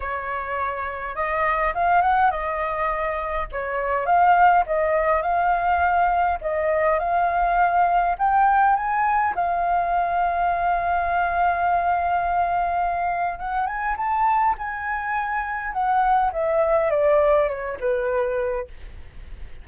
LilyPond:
\new Staff \with { instrumentName = "flute" } { \time 4/4 \tempo 4 = 103 cis''2 dis''4 f''8 fis''8 | dis''2 cis''4 f''4 | dis''4 f''2 dis''4 | f''2 g''4 gis''4 |
f''1~ | f''2. fis''8 gis''8 | a''4 gis''2 fis''4 | e''4 d''4 cis''8 b'4. | }